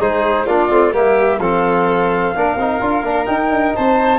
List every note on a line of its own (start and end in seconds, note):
0.00 0.47 G#3
0.00 0.47 D#4
0.00 0.46 G#4
0.00 0.47 C5
0.46 0.70 A#3
0.46 0.70 D4
0.46 0.93 F4
0.46 0.94 D5
0.70 0.94 A3
0.70 0.93 C4
0.93 1.39 G3
0.93 1.39 A#3
0.93 1.40 G4
0.93 1.40 E5
1.39 2.33 F3
1.39 2.35 C4
1.39 2.35 A4
1.39 3.26 F5
2.35 2.56 A#3
2.35 2.59 D4
2.35 3.76 A#4
2.56 2.80 C4
2.56 2.82 D#4
2.81 3.03 D4
2.81 3.04 F4
3.03 3.26 A#3
3.03 3.26 D4
3.26 4.20 D#4
3.26 3.50 D#4
3.26 3.73 G5
3.50 3.73 D4
3.75 4.20 C4
3.75 4.20 C5
3.75 4.20 A5